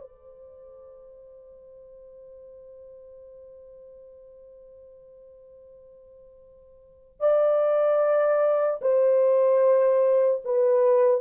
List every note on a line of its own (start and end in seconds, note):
0.00 7.20 C5
7.20 8.80 D5
8.81 10.41 C5
10.44 11.21 B4